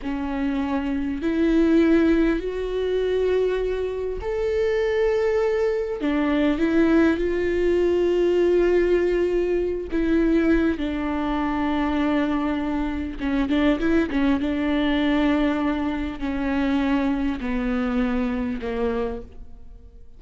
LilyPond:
\new Staff \with { instrumentName = "viola" } { \time 4/4 \tempo 4 = 100 cis'2 e'2 | fis'2. a'4~ | a'2 d'4 e'4 | f'1~ |
f'8 e'4. d'2~ | d'2 cis'8 d'8 e'8 cis'8 | d'2. cis'4~ | cis'4 b2 ais4 | }